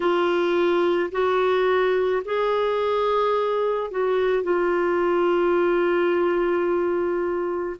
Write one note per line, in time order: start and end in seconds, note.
0.00 1.10 F4
1.11 2.22 F#4
2.25 3.90 G#4
3.90 4.43 F#4
4.43 7.76 F4